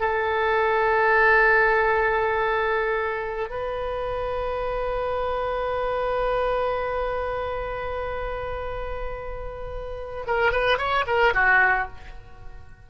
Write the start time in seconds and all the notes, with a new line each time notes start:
0.00 A4
3.50 B4
10.27 A#4
10.52 B4
10.78 C#5
11.07 A#4
11.34 F#4